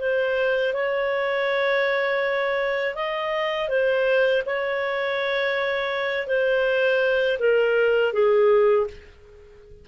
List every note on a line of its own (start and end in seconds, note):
0.00 0.74 C5
0.74 2.95 C#5
2.95 3.69 D#5
3.69 4.43 C5
4.46 6.27 C#5
6.27 7.38 C5
7.39 8.13 A#4
8.13 8.88 G#4